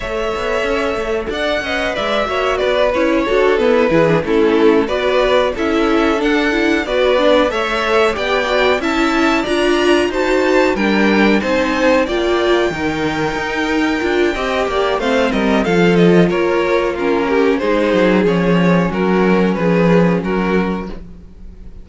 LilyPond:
<<
  \new Staff \with { instrumentName = "violin" } { \time 4/4 \tempo 4 = 92 e''2 fis''4 e''4 | d''8 cis''4 b'4 a'4 d''8~ | d''8 e''4 fis''4 d''4 e''8~ | e''8 g''4 a''4 ais''4 a''8~ |
a''8 g''4 a''4 g''4.~ | g''2. f''8 dis''8 | f''8 dis''8 cis''4 ais'4 c''4 | cis''4 ais'4 b'4 ais'4 | }
  \new Staff \with { instrumentName = "violin" } { \time 4/4 cis''2 d''8 dis''8 d''8 cis''8 | b'4 a'4 gis'8 e'4 b'8~ | b'8 a'2 b'4 cis''8~ | cis''8 d''4 e''4 d''4 c''8~ |
c''8 ais'4 c''4 d''4 ais'8~ | ais'2 dis''8 d''8 c''8 ais'8 | a'4 ais'4 f'8 g'8 gis'4~ | gis'4 fis'4 gis'4 fis'4 | }
  \new Staff \with { instrumentName = "viola" } { \time 4/4 a'2~ a'8 b'4 fis'8~ | fis'8 e'8 fis'8 b8 e'16 d'16 cis'4 fis'8~ | fis'8 e'4 d'8 e'8 fis'8 d'8 a'8~ | a'8 g'8 fis'8 e'4 f'4 fis'8~ |
fis'8 d'4 dis'4 f'4 dis'8~ | dis'4. f'8 g'4 c'4 | f'2 cis'4 dis'4 | cis'1 | }
  \new Staff \with { instrumentName = "cello" } { \time 4/4 a8 b8 cis'8 a8 d'8 cis'8 gis8 ais8 | b8 cis'8 d'8 e'8 e8 a4 b8~ | b8 cis'4 d'4 b4 a8~ | a8 b4 cis'4 d'4 dis'8~ |
dis'8 g4 c'4 ais4 dis8~ | dis8 dis'4 d'8 c'8 ais8 a8 g8 | f4 ais2 gis8 fis8 | f4 fis4 f4 fis4 | }
>>